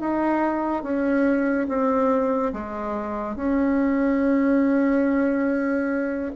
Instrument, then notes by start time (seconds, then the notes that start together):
bassoon
0.00 D#4
0.83 C#4
1.68 C4
2.53 G#3
3.36 C#4